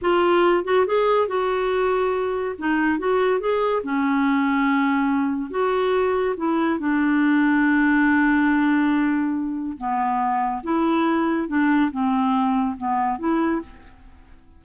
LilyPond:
\new Staff \with { instrumentName = "clarinet" } { \time 4/4 \tempo 4 = 141 f'4. fis'8 gis'4 fis'4~ | fis'2 dis'4 fis'4 | gis'4 cis'2.~ | cis'4 fis'2 e'4 |
d'1~ | d'2. b4~ | b4 e'2 d'4 | c'2 b4 e'4 | }